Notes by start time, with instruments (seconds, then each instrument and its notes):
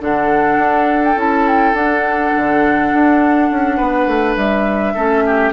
0.00 bassoon D3, clarinet D4, oboe A4, flute F#5
0.58 bassoon D4
1.04 flute G5
1.16 bassoon C#4, clarinet E4, flute A5
1.47 flute G5
1.73 bassoon D4, clarinet D4, flute F#5
2.36 bassoon D3
2.93 bassoon D4
3.50 bassoon C#4
3.76 bassoon B3, oboe B4
4.06 bassoon A3
4.36 bassoon G3, flute E5
4.94 bassoon A3, clarinet C#4, oboe A4
5.26 oboe G4